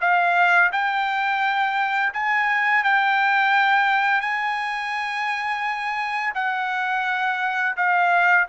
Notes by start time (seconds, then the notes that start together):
0.00 F5
0.72 G5
2.13 G#5
2.83 G5
4.21 G#5
6.34 F#5
7.76 F5